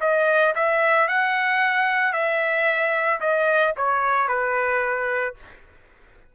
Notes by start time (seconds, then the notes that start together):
0.00 D#5
0.55 E5
1.08 F#5
2.13 E5
3.20 D#5
3.76 C#5
4.28 B4